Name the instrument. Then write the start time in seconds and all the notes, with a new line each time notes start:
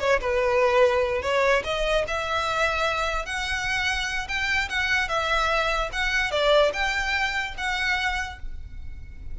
violin
0.00 C#5
0.21 B4
1.22 C#5
1.64 D#5
2.08 E5
3.26 F#5
4.28 G5
4.69 F#5
5.09 E5
5.93 F#5
6.32 D5
6.73 G5
7.58 F#5